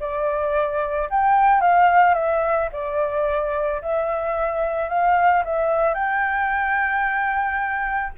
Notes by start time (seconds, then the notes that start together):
0.00 D5
1.10 G5
1.61 F5
2.14 E5
2.73 D5
3.82 E5
4.89 F5
5.45 E5
5.95 G5